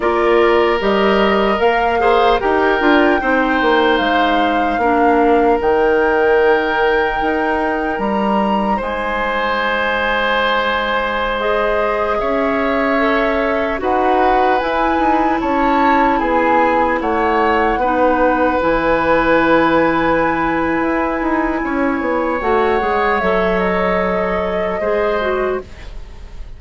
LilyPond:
<<
  \new Staff \with { instrumentName = "flute" } { \time 4/4 \tempo 4 = 75 d''4 dis''4 f''4 g''4~ | g''4 f''2 g''4~ | g''2 ais''4 gis''4~ | gis''2~ gis''16 dis''4 e''8.~ |
e''4~ e''16 fis''4 gis''4 a''8.~ | a''16 gis''4 fis''2 gis''8.~ | gis''1 | fis''4 e''8 dis''2~ dis''8 | }
  \new Staff \with { instrumentName = "oboe" } { \time 4/4 ais'2~ ais'8 c''8 ais'4 | c''2 ais'2~ | ais'2. c''4~ | c''2.~ c''16 cis''8.~ |
cis''4~ cis''16 b'2 cis''8.~ | cis''16 gis'4 cis''4 b'4.~ b'16~ | b'2. cis''4~ | cis''2. c''4 | }
  \new Staff \with { instrumentName = "clarinet" } { \time 4/4 f'4 g'4 ais'8 gis'8 g'8 f'8 | dis'2 d'4 dis'4~ | dis'1~ | dis'2~ dis'16 gis'4.~ gis'16~ |
gis'16 a'4 fis'4 e'4.~ e'16~ | e'2~ e'16 dis'4 e'8.~ | e'1 | fis'8 gis'8 a'2 gis'8 fis'8 | }
  \new Staff \with { instrumentName = "bassoon" } { \time 4/4 ais4 g4 ais4 dis'8 d'8 | c'8 ais8 gis4 ais4 dis4~ | dis4 dis'4 g4 gis4~ | gis2.~ gis16 cis'8.~ |
cis'4~ cis'16 dis'4 e'8 dis'8 cis'8.~ | cis'16 b4 a4 b4 e8.~ | e2 e'8 dis'8 cis'8 b8 | a8 gis8 fis2 gis4 | }
>>